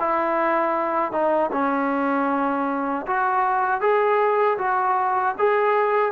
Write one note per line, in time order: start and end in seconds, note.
0.00 1.12 E4
1.12 1.51 D#4
1.52 3.06 C#4
3.07 3.81 F#4
3.81 4.58 G#4
4.58 5.35 F#4
5.39 6.12 G#4